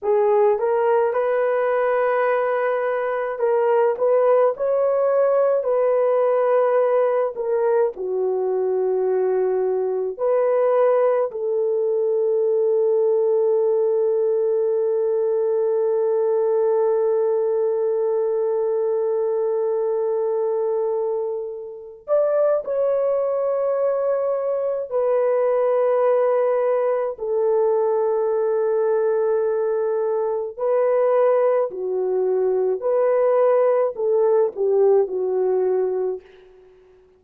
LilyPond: \new Staff \with { instrumentName = "horn" } { \time 4/4 \tempo 4 = 53 gis'8 ais'8 b'2 ais'8 b'8 | cis''4 b'4. ais'8 fis'4~ | fis'4 b'4 a'2~ | a'1~ |
a'2.~ a'8 d''8 | cis''2 b'2 | a'2. b'4 | fis'4 b'4 a'8 g'8 fis'4 | }